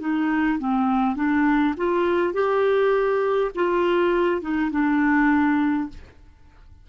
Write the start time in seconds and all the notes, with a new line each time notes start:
0.00 D#4
0.59 C4
1.16 D4
1.77 F4
2.34 G4
3.55 F4
4.41 D#4
4.71 D4